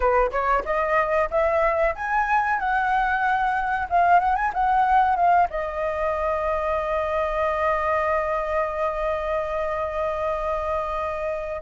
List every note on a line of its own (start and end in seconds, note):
0.00 0.31 B4
0.31 0.63 C#5
0.65 1.29 D#5
1.30 1.94 E5
1.95 2.59 G#5
2.59 3.88 F#5
3.89 4.19 F5
4.19 4.35 F#5
4.35 4.52 G#5
4.53 5.16 F#5
5.16 5.48 F5
5.50 11.61 D#5